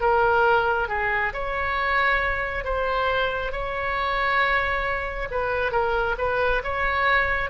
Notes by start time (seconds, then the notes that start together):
0.00 A#4
0.88 G#4
1.33 C#5
2.64 C5
3.52 C#5
5.31 B4
5.71 A#4
6.18 B4
6.63 C#5